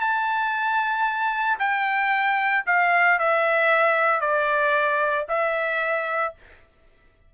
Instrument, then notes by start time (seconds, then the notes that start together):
trumpet
0.00 A5
1.59 G5
2.66 F5
3.19 E5
4.20 D5
5.28 E5